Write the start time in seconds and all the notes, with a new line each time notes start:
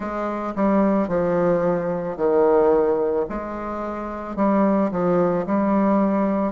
0.00 G#3
0.55 G3
1.08 F3
2.17 D#3
3.29 G#3
4.36 G3
4.91 F3
5.46 G3